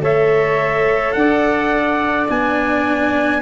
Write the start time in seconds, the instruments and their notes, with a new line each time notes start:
0.00 tuba A3, cello A4, saxophone C#5, trumpet E5
1.12 tuba D4, saxophone D5, trumpet F#5
2.29 tuba B3, cello D4, trumpet G#5